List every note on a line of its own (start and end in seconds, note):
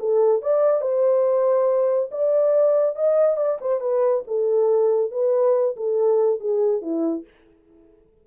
0.00 0.42 A4
0.42 0.82 D5
0.82 2.10 C5
2.12 2.96 D5
2.96 3.37 D#5
3.37 3.59 D5
3.61 3.81 C5
3.81 4.24 B4
4.28 5.12 A4
5.12 5.76 B4
5.77 6.41 A4
6.41 6.82 G#4
6.82 7.25 E4